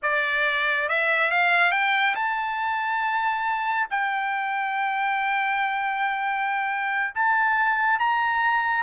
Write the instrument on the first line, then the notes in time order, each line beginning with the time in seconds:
trumpet
0.02 D5
0.88 E5
1.31 F5
1.71 G5
2.15 A5
3.90 G5
7.14 A5
7.99 A#5